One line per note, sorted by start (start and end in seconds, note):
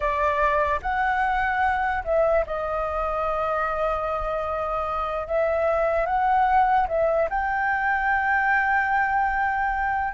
0.00 0.80 D5
0.82 2.03 F#5
2.04 2.44 E5
2.46 5.27 D#5
5.27 6.06 E5
6.06 6.87 F#5
6.88 7.28 E5
7.29 10.13 G5